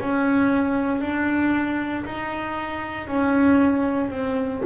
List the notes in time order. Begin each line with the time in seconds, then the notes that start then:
0.00 C#4
1.01 D4
2.05 D#4
3.08 C#4
4.11 C4